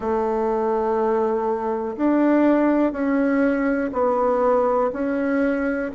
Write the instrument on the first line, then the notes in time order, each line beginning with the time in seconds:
bassoon
0.00 A3
1.96 D4
2.92 C#4
3.92 B3
4.92 C#4